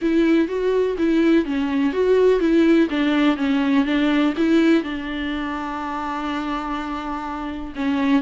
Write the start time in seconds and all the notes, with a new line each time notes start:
0.01 E4
0.48 F#4
0.98 E4
1.45 C#4
1.92 F#4
2.40 E4
2.90 D4
3.37 C#4
3.85 D4
4.37 E4
4.83 D4
7.75 C#4